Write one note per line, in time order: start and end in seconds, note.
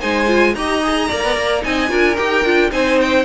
0.00 0.55 G#3
0.00 0.27 D#4
0.00 0.54 C5
0.00 0.55 G#5
0.27 0.54 F4
0.55 1.09 D#4
0.55 0.83 G4
0.55 1.08 D#5
0.55 1.63 A#5
0.83 1.10 G#4
1.08 1.24 A#3
1.08 1.62 A#4
1.08 1.62 D5
1.24 1.36 B3
1.36 1.63 A#3
1.62 1.90 C4
1.62 1.88 D#4
1.62 1.89 D#5
1.62 2.16 G#5
1.88 2.17 D4
1.88 2.15 F4
1.88 2.70 A#4
2.16 2.44 D#4
2.16 2.45 G4
2.16 2.70 G5
2.44 2.71 D4
2.44 2.70 F4
2.70 3.24 C4
2.70 3.24 D#4
2.70 3.24 C5
2.70 2.99 G#5
3.01 3.24 G5